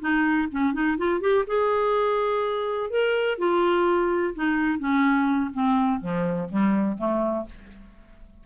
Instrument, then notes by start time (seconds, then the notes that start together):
clarinet
0.00 D#4
0.51 C#4
0.74 D#4
0.98 F4
1.20 G4
1.47 G#4
2.90 A#4
3.38 F4
4.35 D#4
4.79 C#4
5.53 C4
6.01 F3
6.49 G3
6.98 A3